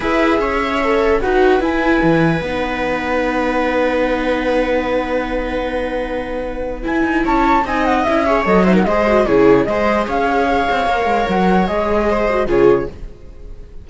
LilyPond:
<<
  \new Staff \with { instrumentName = "flute" } { \time 4/4 \tempo 4 = 149 e''2. fis''4 | gis''2 fis''2~ | fis''1~ | fis''1~ |
fis''4 gis''4 a''4 gis''8 fis''8 | e''4 dis''8 e''16 fis''16 dis''4 cis''4 | dis''4 f''2. | fis''4 dis''2 cis''4 | }
  \new Staff \with { instrumentName = "viola" } { \time 4/4 b'4 cis''2 b'4~ | b'1~ | b'1~ | b'1~ |
b'2 cis''4 dis''4~ | dis''8 cis''4 c''16 ais'16 c''4 gis'4 | c''4 cis''2.~ | cis''2 c''4 gis'4 | }
  \new Staff \with { instrumentName = "viola" } { \time 4/4 gis'2 a'4 fis'4 | e'2 dis'2~ | dis'1~ | dis'1~ |
dis'4 e'2 dis'4 | e'8 gis'8 a'8 dis'8 gis'8 fis'8 e'4 | gis'2. ais'4~ | ais'4 gis'4. fis'8 f'4 | }
  \new Staff \with { instrumentName = "cello" } { \time 4/4 e'4 cis'2 dis'4 | e'4 e4 b2~ | b1~ | b1~ |
b4 e'8 dis'8 cis'4 c'4 | cis'4 fis4 gis4 cis4 | gis4 cis'4. c'8 ais8 gis8 | fis4 gis2 cis4 | }
>>